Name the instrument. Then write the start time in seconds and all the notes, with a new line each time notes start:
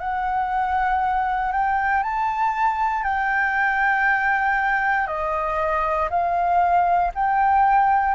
flute
0.00 F#5
1.52 G5
2.03 A5
3.04 G5
5.07 D#5
6.10 F5
7.15 G5